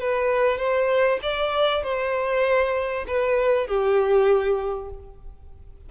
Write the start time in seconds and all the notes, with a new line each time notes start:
0.00 B4
0.58 C5
1.22 D5
1.83 C5
3.07 B4
3.67 G4